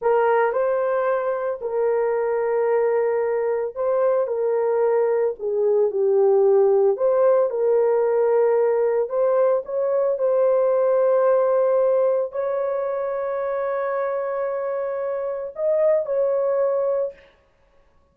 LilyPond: \new Staff \with { instrumentName = "horn" } { \time 4/4 \tempo 4 = 112 ais'4 c''2 ais'4~ | ais'2. c''4 | ais'2 gis'4 g'4~ | g'4 c''4 ais'2~ |
ais'4 c''4 cis''4 c''4~ | c''2. cis''4~ | cis''1~ | cis''4 dis''4 cis''2 | }